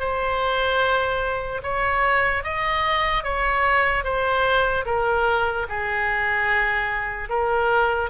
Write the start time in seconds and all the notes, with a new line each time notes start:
0.00 C5
1.63 C#5
2.44 D#5
3.24 C#5
4.04 C5
4.86 A#4
5.69 G#4
7.30 A#4